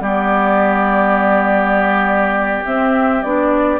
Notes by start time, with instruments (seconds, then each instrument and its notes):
0.00 bassoon G3, clarinet B3, oboe G4, flute D5
2.65 clarinet C4, bassoon C4, flute E5
3.22 bassoon B3, clarinet D4, flute D5